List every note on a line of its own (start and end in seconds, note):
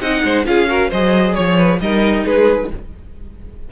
0.00 0.22 C4
0.00 0.46 D#4
0.00 0.24 D#5
0.00 0.46 F#5
0.24 0.46 G#3
0.24 0.47 C5
0.46 0.91 C#4
0.46 0.67 F4
0.46 0.69 G#4
0.46 0.91 F5
0.67 0.90 F#4
0.67 0.90 A#4
0.90 1.37 F#3
0.90 1.82 G#4
0.90 1.35 C5
0.90 1.34 D#5
1.34 1.80 F3
1.34 1.79 C#5
1.34 1.57 C#5
1.57 1.80 B4
1.80 2.25 G3
1.80 2.71 D#4
1.80 2.25 A#4
1.80 2.26 D#5
2.25 2.71 G#3
2.25 2.69 G#4
2.25 2.71 B4